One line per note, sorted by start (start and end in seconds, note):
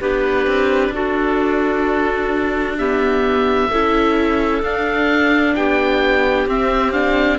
0.00 0.47 B3
0.00 2.77 D4
0.00 0.92 G4
0.00 0.93 B4
0.47 0.89 C4
0.89 3.66 D4
0.89 2.77 F#4
0.89 2.77 A4
2.77 3.71 B3
2.77 3.69 G4
2.77 4.62 E5
3.69 4.62 C#4
3.69 4.63 E4
3.69 5.54 A4
4.62 5.54 D4
4.62 6.47 D4
4.62 5.55 F5
5.55 6.46 B3
5.55 7.39 G4
5.55 6.48 G5
6.46 7.39 C4
6.46 6.93 C4
6.46 6.92 E5
6.92 7.39 D4
6.92 7.38 F5